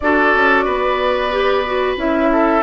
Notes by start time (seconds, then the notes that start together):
0.00 D4 F#4 A4 D5
0.34 C#4
0.64 B3 B4
1.31 G4
1.66 F#4
1.96 C#4 E4 E5
2.32 A4